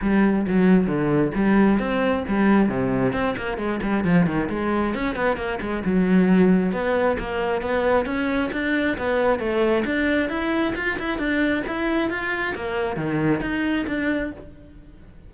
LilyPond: \new Staff \with { instrumentName = "cello" } { \time 4/4 \tempo 4 = 134 g4 fis4 d4 g4 | c'4 g4 c4 c'8 ais8 | gis8 g8 f8 dis8 gis4 cis'8 b8 | ais8 gis8 fis2 b4 |
ais4 b4 cis'4 d'4 | b4 a4 d'4 e'4 | f'8 e'8 d'4 e'4 f'4 | ais4 dis4 dis'4 d'4 | }